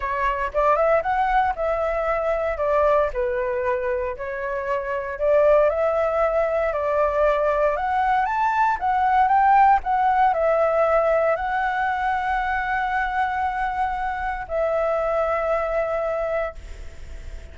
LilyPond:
\new Staff \with { instrumentName = "flute" } { \time 4/4 \tempo 4 = 116 cis''4 d''8 e''8 fis''4 e''4~ | e''4 d''4 b'2 | cis''2 d''4 e''4~ | e''4 d''2 fis''4 |
a''4 fis''4 g''4 fis''4 | e''2 fis''2~ | fis''1 | e''1 | }